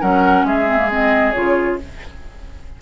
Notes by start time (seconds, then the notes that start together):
0.00 F#3 C#4 A#4 F#5
0.43 G#3 G#4 E5
0.66 C4
0.77 A#3
0.90 C4 D#5
1.31 C#3 F4 C#5